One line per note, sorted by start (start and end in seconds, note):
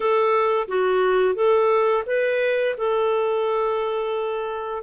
0.00 0.67 A4
0.67 1.34 F#4
1.34 2.03 A4
2.06 2.75 B4
2.77 4.83 A4